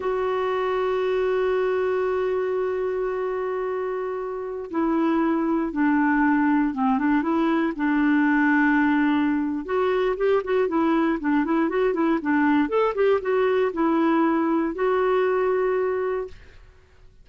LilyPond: \new Staff \with { instrumentName = "clarinet" } { \time 4/4 \tempo 4 = 118 fis'1~ | fis'1~ | fis'4~ fis'16 e'2 d'8.~ | d'4~ d'16 c'8 d'8 e'4 d'8.~ |
d'2. fis'4 | g'8 fis'8 e'4 d'8 e'8 fis'8 e'8 | d'4 a'8 g'8 fis'4 e'4~ | e'4 fis'2. | }